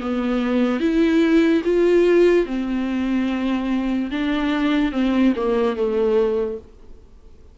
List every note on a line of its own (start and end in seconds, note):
0.00 0.80 B3
0.80 1.62 E4
1.64 2.46 F4
2.46 4.10 C4
4.11 4.92 D4
4.92 5.33 C4
5.36 5.76 A#3
5.76 6.58 A3